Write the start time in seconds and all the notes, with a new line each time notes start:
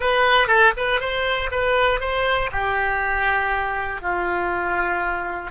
0.00 B4
0.47 A4
0.76 B4
1.00 C5
1.51 B4
2.00 C5
2.51 G4
4.01 F4